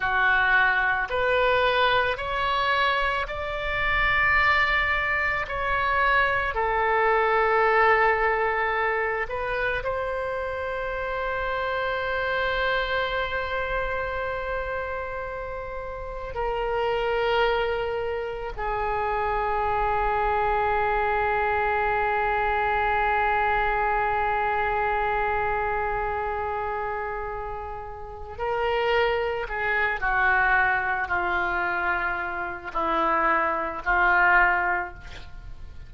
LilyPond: \new Staff \with { instrumentName = "oboe" } { \time 4/4 \tempo 4 = 55 fis'4 b'4 cis''4 d''4~ | d''4 cis''4 a'2~ | a'8 b'8 c''2.~ | c''2. ais'4~ |
ais'4 gis'2.~ | gis'1~ | gis'2 ais'4 gis'8 fis'8~ | fis'8 f'4. e'4 f'4 | }